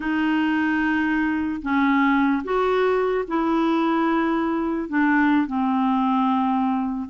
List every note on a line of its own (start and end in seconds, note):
0.00 1.61 D#4
1.61 2.43 C#4
2.43 3.24 F#4
3.27 4.89 E4
4.89 5.47 D4
5.47 7.09 C4